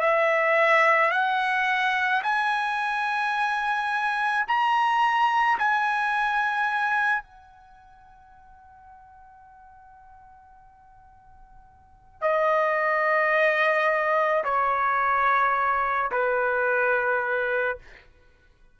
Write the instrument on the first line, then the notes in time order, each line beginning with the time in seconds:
trumpet
0.00 E5
1.11 F#5
2.23 G#5
4.47 A#5
5.59 G#5
7.23 F#5
12.21 D#5
14.44 C#5
16.12 B4